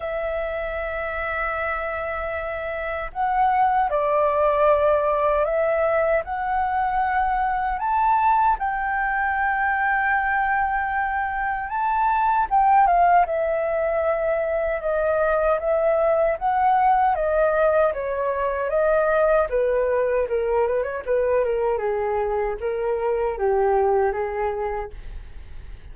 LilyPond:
\new Staff \with { instrumentName = "flute" } { \time 4/4 \tempo 4 = 77 e''1 | fis''4 d''2 e''4 | fis''2 a''4 g''4~ | g''2. a''4 |
g''8 f''8 e''2 dis''4 | e''4 fis''4 dis''4 cis''4 | dis''4 b'4 ais'8 b'16 cis''16 b'8 ais'8 | gis'4 ais'4 g'4 gis'4 | }